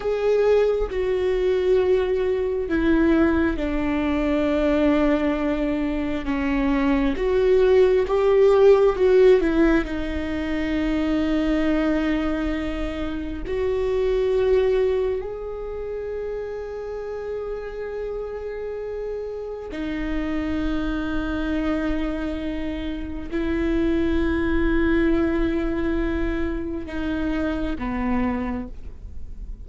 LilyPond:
\new Staff \with { instrumentName = "viola" } { \time 4/4 \tempo 4 = 67 gis'4 fis'2 e'4 | d'2. cis'4 | fis'4 g'4 fis'8 e'8 dis'4~ | dis'2. fis'4~ |
fis'4 gis'2.~ | gis'2 dis'2~ | dis'2 e'2~ | e'2 dis'4 b4 | }